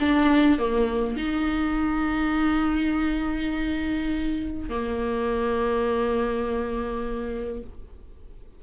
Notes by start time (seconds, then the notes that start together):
0.00 D4
0.59 A#3
1.17 D#4
4.69 A#3